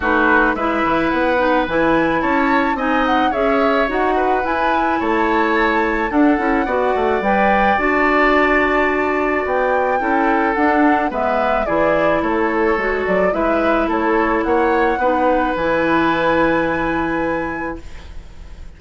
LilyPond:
<<
  \new Staff \with { instrumentName = "flute" } { \time 4/4 \tempo 4 = 108 b'4 e''4 fis''4 gis''4 | a''4 gis''8 fis''8 e''4 fis''4 | gis''4 a''2 fis''4~ | fis''4 g''4 a''2~ |
a''4 g''2 fis''4 | e''4 d''4 cis''4. d''8 | e''4 cis''4 fis''2 | gis''1 | }
  \new Staff \with { instrumentName = "oboe" } { \time 4/4 fis'4 b'2. | cis''4 dis''4 cis''4. b'8~ | b'4 cis''2 a'4 | d''1~ |
d''2 a'2 | b'4 gis'4 a'2 | b'4 a'4 cis''4 b'4~ | b'1 | }
  \new Staff \with { instrumentName = "clarinet" } { \time 4/4 dis'4 e'4. dis'8 e'4~ | e'4 dis'4 gis'4 fis'4 | e'2. d'8 e'8 | fis'4 b'4 fis'2~ |
fis'2 e'4 d'4 | b4 e'2 fis'4 | e'2. dis'4 | e'1 | }
  \new Staff \with { instrumentName = "bassoon" } { \time 4/4 a4 gis8 e8 b4 e4 | cis'4 c'4 cis'4 dis'4 | e'4 a2 d'8 cis'8 | b8 a8 g4 d'2~ |
d'4 b4 cis'4 d'4 | gis4 e4 a4 gis8 fis8 | gis4 a4 ais4 b4 | e1 | }
>>